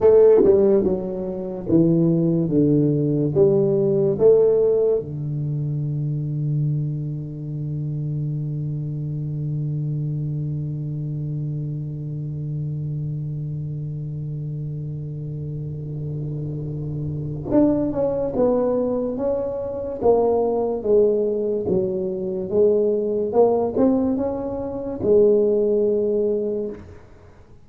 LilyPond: \new Staff \with { instrumentName = "tuba" } { \time 4/4 \tempo 4 = 72 a8 g8 fis4 e4 d4 | g4 a4 d2~ | d1~ | d1~ |
d1~ | d4 d'8 cis'8 b4 cis'4 | ais4 gis4 fis4 gis4 | ais8 c'8 cis'4 gis2 | }